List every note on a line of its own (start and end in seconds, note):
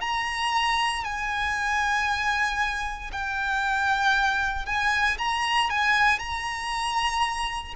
0.00 1.03 A#5
1.03 3.10 G#5
3.12 4.65 G5
4.65 5.17 G#5
5.18 5.69 A#5
5.69 6.19 G#5
6.19 7.74 A#5